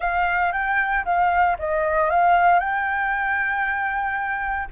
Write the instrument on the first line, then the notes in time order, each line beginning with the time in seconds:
flute
0.00 F5
0.52 G5
1.04 F5
1.58 D#5
2.10 F5
2.59 G5